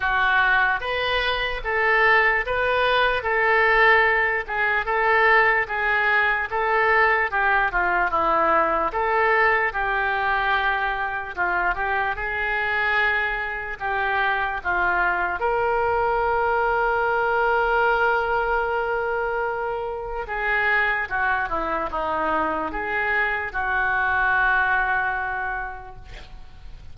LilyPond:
\new Staff \with { instrumentName = "oboe" } { \time 4/4 \tempo 4 = 74 fis'4 b'4 a'4 b'4 | a'4. gis'8 a'4 gis'4 | a'4 g'8 f'8 e'4 a'4 | g'2 f'8 g'8 gis'4~ |
gis'4 g'4 f'4 ais'4~ | ais'1~ | ais'4 gis'4 fis'8 e'8 dis'4 | gis'4 fis'2. | }